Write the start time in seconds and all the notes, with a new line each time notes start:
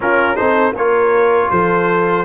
0.00 C#4 F4 A#4
0.35 C4 D#4 A4 C5
0.72 A#3 F4 A#4 C#5
1.50 F3 A4 C5